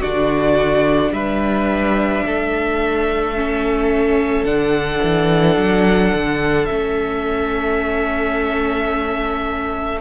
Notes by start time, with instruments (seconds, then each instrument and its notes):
0.00 cello D3, viola D4, violin F#4 D5
1.12 cello G3, violin B4 E5
2.25 cello A3, violin A4
3.35 viola C#4
4.44 cello D3, viola D4, violin F#5
5.03 cello E3
5.56 cello F#3
6.14 cello D3
6.66 cello A3, viola C#4, violin E5